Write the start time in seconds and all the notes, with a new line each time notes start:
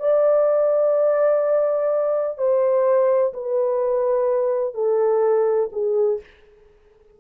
0.00 D5
2.38 C5
3.33 B4
4.74 A4
5.72 G#4